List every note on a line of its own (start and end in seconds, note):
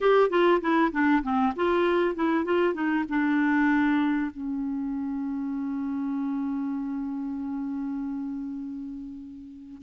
0.00 0.29 G4
0.29 0.60 F4
0.61 0.91 E4
0.92 1.22 D4
1.22 1.53 C4
1.56 2.15 F4
2.15 2.45 E4
2.45 2.74 F4
2.74 3.04 D#4
3.08 4.31 D4
4.31 9.82 C#4